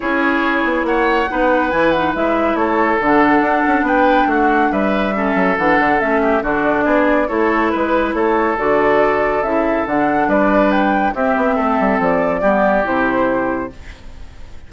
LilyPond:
<<
  \new Staff \with { instrumentName = "flute" } { \time 4/4 \tempo 4 = 140 cis''2 fis''2 | gis''8 fis''8 e''4 cis''4 fis''4~ | fis''4 g''4 fis''4 e''4~ | e''4 fis''4 e''4 d''4~ |
d''4 cis''4 b'4 cis''4 | d''2 e''4 fis''4 | d''4 g''4 e''2 | d''2 c''2 | }
  \new Staff \with { instrumentName = "oboe" } { \time 4/4 gis'2 cis''4 b'4~ | b'2 a'2~ | a'4 b'4 fis'4 b'4 | a'2~ a'8 g'8 fis'4 |
gis'4 a'4 b'4 a'4~ | a'1 | b'2 g'4 a'4~ | a'4 g'2. | }
  \new Staff \with { instrumentName = "clarinet" } { \time 4/4 e'2. dis'4 | e'8 dis'8 e'2 d'4~ | d'1 | cis'4 d'4 cis'4 d'4~ |
d'4 e'2. | fis'2 e'4 d'4~ | d'2 c'2~ | c'4 b4 e'2 | }
  \new Staff \with { instrumentName = "bassoon" } { \time 4/4 cis'4. b8 ais4 b4 | e4 gis4 a4 d4 | d'8 cis'8 b4 a4 g4~ | g8 fis8 e8 d8 a4 d4 |
b4 a4 gis4 a4 | d2 cis4 d4 | g2 c'8 b8 a8 g8 | f4 g4 c2 | }
>>